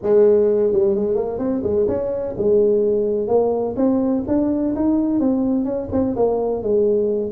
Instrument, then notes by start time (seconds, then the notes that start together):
tuba
0.02 G#3
0.73 G3
0.95 G#3
1.15 A#3
1.38 C4
1.63 G#3
1.88 C#4
2.37 G#3
3.27 A#3
3.76 C4
4.27 D4
4.75 D#4
5.19 C4
5.65 C#4
5.91 C4
6.16 A#3
6.62 G#3